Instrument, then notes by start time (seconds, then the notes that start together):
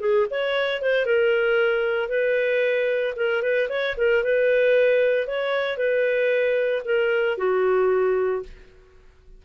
clarinet
0.00 G#4
0.30 C#5
0.81 C5
1.06 A#4
2.09 B4
3.16 A#4
3.42 B4
3.69 C#5
3.97 A#4
4.23 B4
5.27 C#5
5.77 B4
6.84 A#4
7.37 F#4